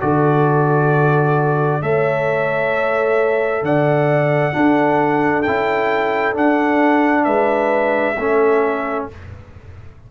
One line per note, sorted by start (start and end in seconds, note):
0.00 1.82 D3
0.00 1.81 F#4
0.00 1.82 A4
0.00 1.82 D5
1.81 3.62 A3
1.81 4.53 A4
1.81 3.64 C#5
1.81 3.64 E5
3.62 4.53 D3
3.62 4.55 D5
3.62 5.42 F#5
4.53 5.44 D4
4.53 5.47 D4
4.53 7.25 A4
5.42 6.36 C#4
5.42 6.33 E4
5.42 6.33 G5
6.33 8.15 D4
6.33 7.26 D4
6.33 7.24 F#5
7.24 8.17 G#3
7.24 8.16 B4
7.24 9.05 E5
8.16 9.08 A3
8.16 9.11 C#4
8.16 9.07 A4